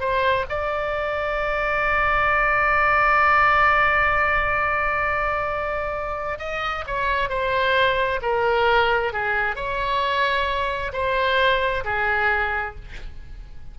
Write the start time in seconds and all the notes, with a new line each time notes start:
0.00 C5
0.50 D5
6.39 D#5
6.87 C#5
7.29 C5
8.22 A#4
9.13 G#4
9.56 C#5
10.93 C5
11.84 G#4